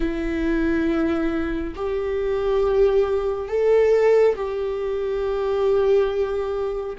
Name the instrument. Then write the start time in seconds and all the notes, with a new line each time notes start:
viola
0.00 E4
1.75 G4
3.48 A4
4.35 G4